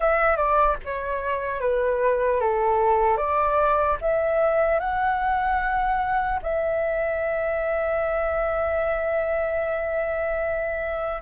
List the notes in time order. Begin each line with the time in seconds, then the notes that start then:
0.00 E5
0.36 D5
0.84 C#5
1.60 B4
2.40 A4
3.17 D5
4.01 E5
4.79 F#5
6.42 E5